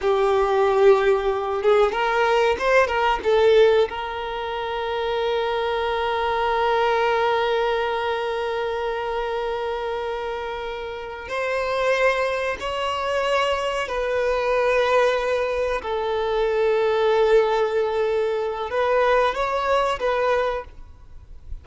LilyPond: \new Staff \with { instrumentName = "violin" } { \time 4/4 \tempo 4 = 93 g'2~ g'8 gis'8 ais'4 | c''8 ais'8 a'4 ais'2~ | ais'1~ | ais'1~ |
ais'4. c''2 cis''8~ | cis''4. b'2~ b'8~ | b'8 a'2.~ a'8~ | a'4 b'4 cis''4 b'4 | }